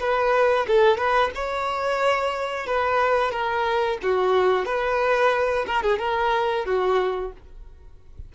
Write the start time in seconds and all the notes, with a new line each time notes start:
0.00 B4
0.68 A4
0.98 B4
1.35 C#5
2.67 B4
3.32 A#4
4.03 F#4
4.65 B4
5.67 A#4
5.83 G#4
5.99 A#4
6.66 F#4